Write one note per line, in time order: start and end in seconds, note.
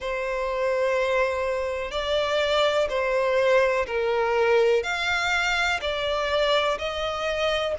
0.00 1.91 C5
1.91 2.88 D5
2.89 3.85 C5
3.86 4.83 A#4
4.83 5.79 F5
5.81 6.77 D5
6.78 7.75 D#5